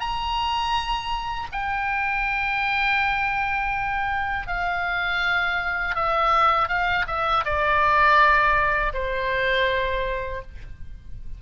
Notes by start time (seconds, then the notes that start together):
0.00 A#5
1.52 G5
4.47 F5
5.95 E5
6.68 F5
7.07 E5
7.44 D5
8.94 C5